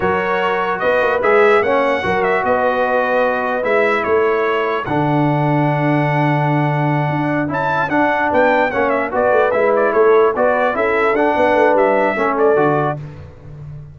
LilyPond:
<<
  \new Staff \with { instrumentName = "trumpet" } { \time 4/4 \tempo 4 = 148 cis''2 dis''4 e''4 | fis''4. e''8 dis''2~ | dis''4 e''4 cis''2 | fis''1~ |
fis''2~ fis''8 a''4 fis''8~ | fis''8 g''4 fis''8 e''8 d''4 e''8 | d''8 cis''4 d''4 e''4 fis''8~ | fis''4 e''4. d''4. | }
  \new Staff \with { instrumentName = "horn" } { \time 4/4 ais'2 b'2 | cis''4 ais'4 b'2~ | b'2 a'2~ | a'1~ |
a'1~ | a'8 b'4 cis''4 b'4.~ | b'8 a'4 b'4 a'4. | b'2 a'2 | }
  \new Staff \with { instrumentName = "trombone" } { \time 4/4 fis'2. gis'4 | cis'4 fis'2.~ | fis'4 e'2. | d'1~ |
d'2~ d'8 e'4 d'8~ | d'4. cis'4 fis'4 e'8~ | e'4. fis'4 e'4 d'8~ | d'2 cis'4 fis'4 | }
  \new Staff \with { instrumentName = "tuba" } { \time 4/4 fis2 b8 ais8 gis4 | ais4 fis4 b2~ | b4 gis4 a2 | d1~ |
d4. d'4 cis'4 d'8~ | d'8 b4 ais4 b8 a8 gis8~ | gis8 a4 b4 cis'4 d'8 | b8 a8 g4 a4 d4 | }
>>